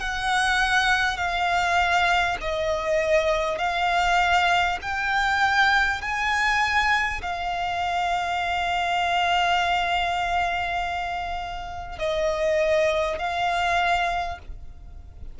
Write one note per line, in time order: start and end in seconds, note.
0.00 1.17 F#5
1.17 2.37 F5
2.41 3.58 D#5
3.58 4.78 F5
4.82 6.02 G5
6.02 7.22 G#5
7.22 11.98 F5
11.98 13.18 D#5
13.19 14.39 F5